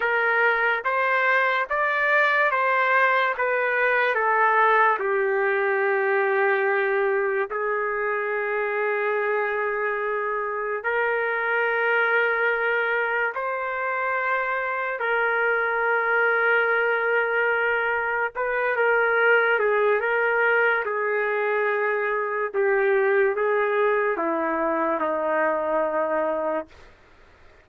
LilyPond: \new Staff \with { instrumentName = "trumpet" } { \time 4/4 \tempo 4 = 72 ais'4 c''4 d''4 c''4 | b'4 a'4 g'2~ | g'4 gis'2.~ | gis'4 ais'2. |
c''2 ais'2~ | ais'2 b'8 ais'4 gis'8 | ais'4 gis'2 g'4 | gis'4 e'4 dis'2 | }